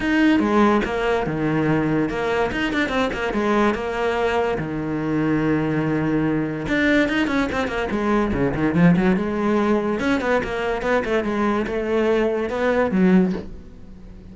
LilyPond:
\new Staff \with { instrumentName = "cello" } { \time 4/4 \tempo 4 = 144 dis'4 gis4 ais4 dis4~ | dis4 ais4 dis'8 d'8 c'8 ais8 | gis4 ais2 dis4~ | dis1 |
d'4 dis'8 cis'8 c'8 ais8 gis4 | cis8 dis8 f8 fis8 gis2 | cis'8 b8 ais4 b8 a8 gis4 | a2 b4 fis4 | }